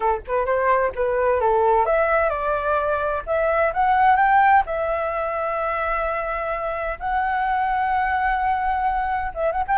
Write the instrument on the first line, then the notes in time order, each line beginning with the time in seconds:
flute
0.00 A4
0.27 B4
0.45 C5
0.95 B4
1.40 A4
1.85 E5
2.29 D5
3.26 E5
3.73 F#5
4.16 G5
4.65 E5
6.99 F#5
9.34 E5
9.52 F#5
9.67 G5